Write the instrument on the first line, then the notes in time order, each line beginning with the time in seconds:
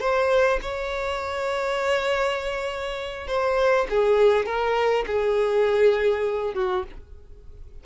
violin
0.00 C5
0.62 C#5
3.27 C5
3.90 G#4
4.46 A#4
5.07 G#4
6.54 F#4